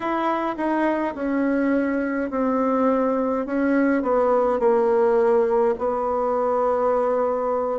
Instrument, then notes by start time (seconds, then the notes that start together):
bassoon
0.00 E4
0.56 D#4
1.14 C#4
2.30 C4
3.46 C#4
4.02 B3
4.59 A#3
5.78 B3